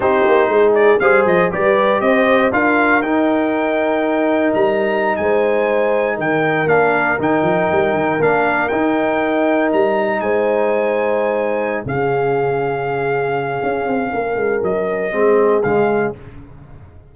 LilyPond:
<<
  \new Staff \with { instrumentName = "trumpet" } { \time 4/4 \tempo 4 = 119 c''4. d''8 f''8 dis''8 d''4 | dis''4 f''4 g''2~ | g''4 ais''4~ ais''16 gis''4.~ gis''16~ | gis''16 g''4 f''4 g''4.~ g''16~ |
g''16 f''4 g''2 ais''8.~ | ais''16 gis''2.~ gis''16 f''8~ | f''1~ | f''4 dis''2 f''4 | }
  \new Staff \with { instrumentName = "horn" } { \time 4/4 g'4 gis'4 c''4 b'4 | c''4 ais'2.~ | ais'2~ ais'16 c''4.~ c''16~ | c''16 ais'2.~ ais'8.~ |
ais'1~ | ais'16 c''2.~ c''16 gis'8~ | gis'1 | ais'2 gis'2 | }
  \new Staff \with { instrumentName = "trombone" } { \time 4/4 dis'2 gis'4 g'4~ | g'4 f'4 dis'2~ | dis'1~ | dis'4~ dis'16 d'4 dis'4.~ dis'16~ |
dis'16 d'4 dis'2~ dis'8.~ | dis'2.~ dis'8 cis'8~ | cis'1~ | cis'2 c'4 gis4 | }
  \new Staff \with { instrumentName = "tuba" } { \time 4/4 c'8 ais8 gis4 g8 f8 g4 | c'4 d'4 dis'2~ | dis'4 g4~ g16 gis4.~ gis16~ | gis16 dis4 ais4 dis8 f8 g8 dis16~ |
dis16 ais4 dis'2 g8.~ | g16 gis2.~ gis16 cis8~ | cis2. cis'8 c'8 | ais8 gis8 fis4 gis4 cis4 | }
>>